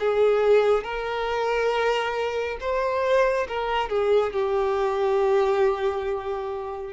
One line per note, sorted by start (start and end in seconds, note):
0.00 0.84 G#4
0.84 2.58 A#4
2.60 3.47 C5
3.48 3.89 A#4
3.89 4.33 G#4
4.33 6.93 G4